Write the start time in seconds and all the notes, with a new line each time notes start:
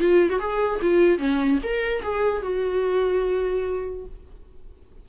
0.00 F4
0.30 F#4
0.40 G#4
0.82 F4
1.19 C#4
1.64 A#4
2.03 G#4
2.43 F#4